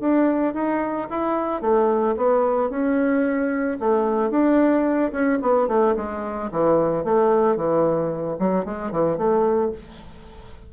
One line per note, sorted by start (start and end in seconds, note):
0.00 0.54 D4
0.54 1.08 D#4
1.10 1.61 E4
1.61 2.15 A3
2.16 2.70 B3
2.70 3.78 C#4
3.80 4.30 A3
4.30 5.11 D4
5.12 5.39 C#4
5.42 5.68 B3
5.68 5.95 A3
5.96 6.50 G#3
6.51 7.04 E3
7.04 7.56 A3
7.56 8.37 E3
8.39 8.65 F#3
8.65 8.91 G#3
8.91 9.17 E3
9.17 9.71 A3